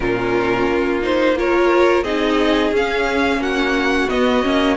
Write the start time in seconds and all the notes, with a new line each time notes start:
0.00 A#2 C#4 F4 A#4
0.67 A#3
1.02 D#4 C5
1.36 F4 A#4 C#5
2.03 C4 D#4 G#4 D#5
2.71 C#4 F5
3.36 A#3 F#4 F#5
4.09 B3 D#5
4.42 A#3 C#4